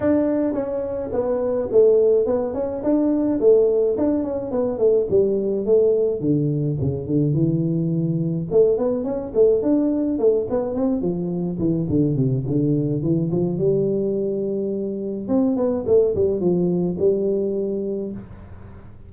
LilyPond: \new Staff \with { instrumentName = "tuba" } { \time 4/4 \tempo 4 = 106 d'4 cis'4 b4 a4 | b8 cis'8 d'4 a4 d'8 cis'8 | b8 a8 g4 a4 d4 | cis8 d8 e2 a8 b8 |
cis'8 a8 d'4 a8 b8 c'8 f8~ | f8 e8 d8 c8 d4 e8 f8 | g2. c'8 b8 | a8 g8 f4 g2 | }